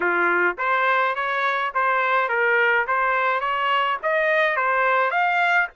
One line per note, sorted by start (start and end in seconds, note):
0.00 0.56 F4
0.58 1.15 C5
1.15 1.72 C#5
1.74 2.29 C5
2.29 2.86 A#4
2.87 3.40 C5
3.40 3.97 C#5
4.02 4.56 D#5
4.56 5.10 C5
5.10 5.67 F5